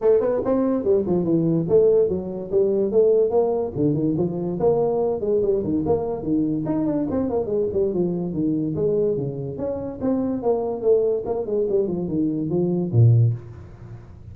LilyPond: \new Staff \with { instrumentName = "tuba" } { \time 4/4 \tempo 4 = 144 a8 b8 c'4 g8 f8 e4 | a4 fis4 g4 a4 | ais4 d8 dis8 f4 ais4~ | ais8 gis8 g8 dis8 ais4 dis4 |
dis'8 d'8 c'8 ais8 gis8 g8 f4 | dis4 gis4 cis4 cis'4 | c'4 ais4 a4 ais8 gis8 | g8 f8 dis4 f4 ais,4 | }